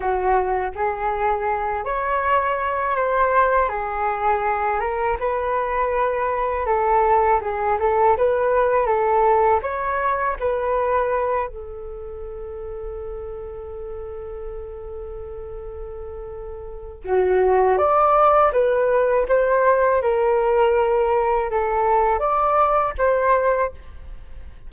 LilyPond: \new Staff \with { instrumentName = "flute" } { \time 4/4 \tempo 4 = 81 fis'4 gis'4. cis''4. | c''4 gis'4. ais'8 b'4~ | b'4 a'4 gis'8 a'8 b'4 | a'4 cis''4 b'4. a'8~ |
a'1~ | a'2. fis'4 | d''4 b'4 c''4 ais'4~ | ais'4 a'4 d''4 c''4 | }